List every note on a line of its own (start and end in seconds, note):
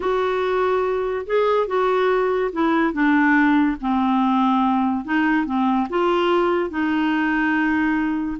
0.00 1.25 F#4
1.26 1.67 G#4
1.67 2.51 F#4
2.52 2.93 E4
2.93 3.76 D4
3.80 5.04 C4
5.04 5.45 D#4
5.45 5.87 C4
5.89 6.69 F4
6.69 8.37 D#4